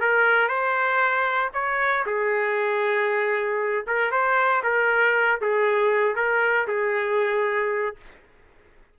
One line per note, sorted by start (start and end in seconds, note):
0.00 0.48 A#4
0.48 1.51 C5
1.53 2.05 C#5
2.06 3.85 G#4
3.87 4.11 A#4
4.11 4.62 C5
4.63 5.40 A#4
5.41 6.15 G#4
6.15 6.67 A#4
6.67 7.96 G#4